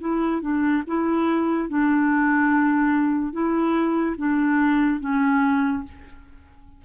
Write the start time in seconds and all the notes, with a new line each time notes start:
0.00 E4
0.42 D4
0.87 E4
1.69 D4
3.33 E4
4.17 D4
5.00 C#4